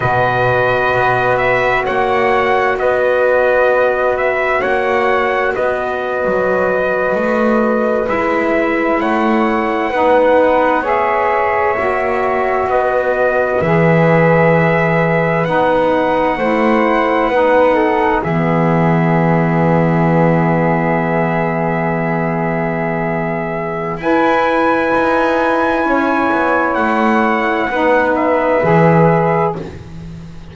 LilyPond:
<<
  \new Staff \with { instrumentName = "trumpet" } { \time 4/4 \tempo 4 = 65 dis''4. e''8 fis''4 dis''4~ | dis''8 e''8 fis''4 dis''2~ | dis''8. e''4 fis''2 e''16~ | e''4.~ e''16 dis''4 e''4~ e''16~ |
e''8. fis''2. e''16~ | e''1~ | e''2 gis''2~ | gis''4 fis''4. e''4. | }
  \new Staff \with { instrumentName = "flute" } { \time 4/4 b'2 cis''4 b'4~ | b'4 cis''4 b'2~ | b'4.~ b'16 cis''4 b'4 cis''16~ | cis''4.~ cis''16 b'2~ b'16~ |
b'4.~ b'16 c''4 b'8 a'8 gis'16~ | gis'1~ | gis'2 b'2 | cis''2 b'2 | }
  \new Staff \with { instrumentName = "saxophone" } { \time 4/4 fis'1~ | fis'1~ | fis'8. e'2 dis'4 gis'16~ | gis'8. fis'2 gis'4~ gis'16~ |
gis'8. dis'4 e'4 dis'4 b16~ | b1~ | b2 e'2~ | e'2 dis'4 gis'4 | }
  \new Staff \with { instrumentName = "double bass" } { \time 4/4 b,4 b4 ais4 b4~ | b4 ais4 b8. fis4 a16~ | a8. gis4 a4 b4~ b16~ | b8. ais4 b4 e4~ e16~ |
e8. b4 a4 b4 e16~ | e1~ | e2 e'4 dis'4 | cis'8 b8 a4 b4 e4 | }
>>